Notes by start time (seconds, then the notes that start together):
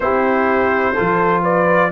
0.00 C4 E4 G4 C5
0.93 F3 F4 A4
1.42 B4 D5